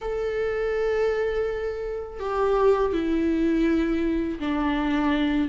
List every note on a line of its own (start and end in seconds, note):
0.01 2.19 A4
2.19 2.92 G4
2.93 4.39 E4
4.39 5.48 D4